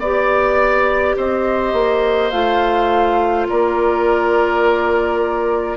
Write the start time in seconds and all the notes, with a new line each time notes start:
0.00 B3 G4 D5
1.17 C4 C5 D#5
1.73 A#3
2.31 A3 F4 F5
3.49 A#3 A#4 D5